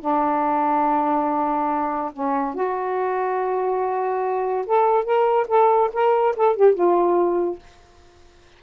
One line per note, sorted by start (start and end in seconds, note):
0.00 2.11 D4
2.13 2.54 C#4
2.54 4.66 F#4
4.66 5.04 A4
5.04 5.47 A#4
5.48 5.90 A4
5.93 6.35 A#4
6.36 6.56 A4
6.56 6.74 G4
6.74 7.59 F4